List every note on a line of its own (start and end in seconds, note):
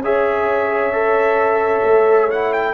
0.00 1.82 C#4
0.00 0.93 G#4
0.00 2.74 C#5
0.00 2.31 E5
0.93 2.30 A4
1.84 2.74 A3
2.30 2.74 E4
2.30 2.53 F#5
2.53 2.74 G5